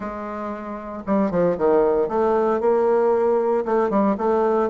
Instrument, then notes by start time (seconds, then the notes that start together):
bassoon
0.00 G#3
1.06 G3
1.30 F3
1.57 D#3
2.08 A3
2.60 A#3
3.65 A3
3.90 G3
4.17 A3